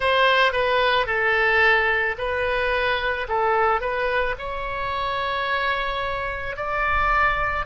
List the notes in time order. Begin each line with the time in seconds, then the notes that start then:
0.00 C5
0.52 B4
1.06 A4
2.18 B4
3.28 A4
3.80 B4
4.38 C#5
6.56 D5